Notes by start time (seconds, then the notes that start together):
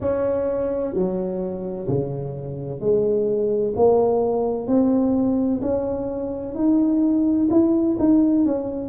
0.00 C#4
0.94 F#3
1.87 C#3
2.80 G#3
3.76 A#3
4.67 C4
5.61 C#4
6.55 D#4
7.50 E4
7.99 D#4
8.45 C#4